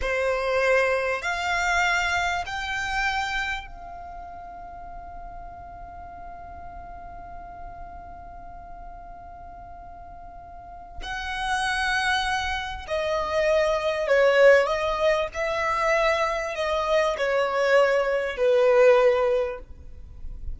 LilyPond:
\new Staff \with { instrumentName = "violin" } { \time 4/4 \tempo 4 = 98 c''2 f''2 | g''2 f''2~ | f''1~ | f''1~ |
f''2 fis''2~ | fis''4 dis''2 cis''4 | dis''4 e''2 dis''4 | cis''2 b'2 | }